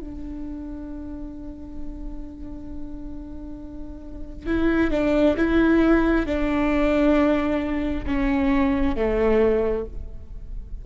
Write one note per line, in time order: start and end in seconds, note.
0.00 4.47 D4
4.47 4.91 E4
4.91 5.36 D4
5.36 6.26 E4
6.26 8.05 D4
8.06 8.95 C#4
8.95 9.85 A3